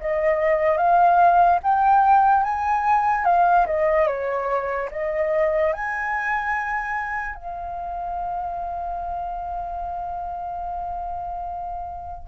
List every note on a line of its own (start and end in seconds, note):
0.00 0.77 D#5
0.77 1.59 F5
1.63 2.43 G5
2.43 3.25 G#5
3.25 3.66 F5
3.67 4.07 D#5
4.07 4.89 C#5
4.91 5.73 D#5
5.73 7.35 G#5
7.35 12.27 F5